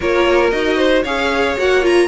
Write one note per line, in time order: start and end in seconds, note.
0.00 0.51 A#3
0.00 0.52 F4
0.00 0.77 A#4
0.00 0.50 C#5
0.50 1.04 D#4
0.50 1.04 F#4
0.50 1.02 D#5
0.77 1.02 C5
1.02 1.56 C#4
1.02 1.57 G#4
1.02 2.07 C#5
1.02 1.56 F5
1.57 2.07 A#3
1.57 1.81 F#4
1.57 1.85 F#5
1.81 2.07 F4
1.81 2.07 A#5